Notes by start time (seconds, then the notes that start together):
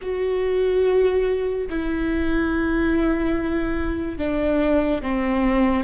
0.02 F#4
1.69 E4
4.18 D4
5.02 C4